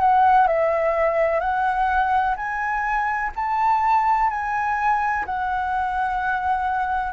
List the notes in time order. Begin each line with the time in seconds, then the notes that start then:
0.00 F#5
0.47 E5
1.40 F#5
2.36 G#5
3.36 A5
4.30 G#5
5.26 F#5